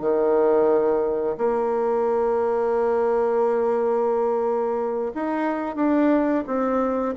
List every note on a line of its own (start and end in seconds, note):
0.00 1.36 D#3
1.37 5.12 A#3
5.14 5.76 D#4
5.76 6.44 D4
6.46 7.15 C4